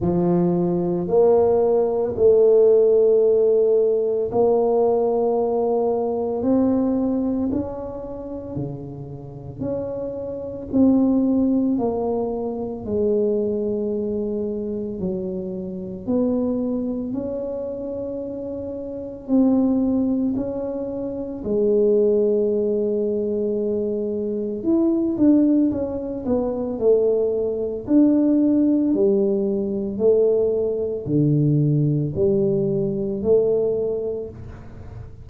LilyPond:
\new Staff \with { instrumentName = "tuba" } { \time 4/4 \tempo 4 = 56 f4 ais4 a2 | ais2 c'4 cis'4 | cis4 cis'4 c'4 ais4 | gis2 fis4 b4 |
cis'2 c'4 cis'4 | gis2. e'8 d'8 | cis'8 b8 a4 d'4 g4 | a4 d4 g4 a4 | }